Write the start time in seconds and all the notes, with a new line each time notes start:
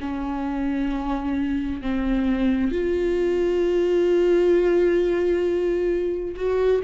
0.00 C#4
1.81 C4
2.71 F4
6.36 F#4